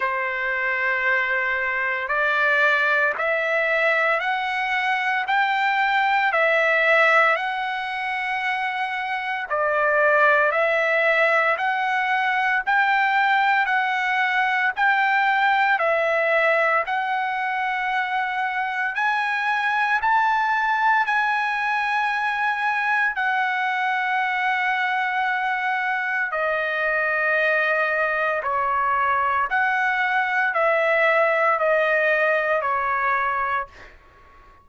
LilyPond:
\new Staff \with { instrumentName = "trumpet" } { \time 4/4 \tempo 4 = 57 c''2 d''4 e''4 | fis''4 g''4 e''4 fis''4~ | fis''4 d''4 e''4 fis''4 | g''4 fis''4 g''4 e''4 |
fis''2 gis''4 a''4 | gis''2 fis''2~ | fis''4 dis''2 cis''4 | fis''4 e''4 dis''4 cis''4 | }